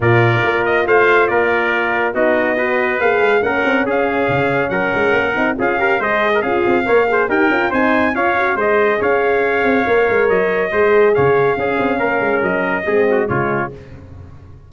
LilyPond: <<
  \new Staff \with { instrumentName = "trumpet" } { \time 4/4 \tempo 4 = 140 d''4. dis''8 f''4 d''4~ | d''4 dis''2 f''4 | fis''4 f''2 fis''4~ | fis''4 f''4 dis''4 f''4~ |
f''4 g''4 gis''4 f''4 | dis''4 f''2. | dis''2 f''2~ | f''4 dis''2 cis''4 | }
  \new Staff \with { instrumentName = "trumpet" } { \time 4/4 ais'2 c''4 ais'4~ | ais'4 fis'4 b'2 | ais'4 gis'2 ais'4~ | ais'4 gis'8 ais'8 c''8. ais'16 gis'4 |
cis''8 c''8 ais'4 c''4 cis''4 | c''4 cis''2.~ | cis''4 c''4 cis''4 gis'4 | ais'2 gis'8 fis'8 f'4 | }
  \new Staff \with { instrumentName = "horn" } { \time 4/4 f'1~ | f'4 dis'4 fis'4 gis'4 | cis'1~ | cis'8 dis'8 f'8 g'8 gis'4 f'4 |
ais'8 gis'8 g'8 f'8 dis'4 f'8 fis'8 | gis'2. ais'4~ | ais'4 gis'2 cis'4~ | cis'2 c'4 gis4 | }
  \new Staff \with { instrumentName = "tuba" } { \time 4/4 ais,4 ais4 a4 ais4~ | ais4 b2 ais8 gis8 | ais8 c'8 cis'4 cis4 fis8 gis8 | ais8 c'8 cis'4 gis4 cis'8 c'8 |
ais4 dis'8 cis'8 c'4 cis'4 | gis4 cis'4. c'8 ais8 gis8 | fis4 gis4 cis4 cis'8 c'8 | ais8 gis8 fis4 gis4 cis4 | }
>>